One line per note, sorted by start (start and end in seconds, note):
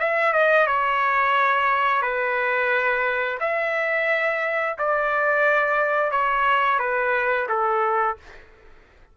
0.00 0.33 E5
0.33 0.67 D#5
0.67 2.02 C#5
2.02 3.39 B4
3.40 4.77 E5
4.79 6.12 D5
6.12 6.80 C#5
6.80 7.48 B4
7.49 8.18 A4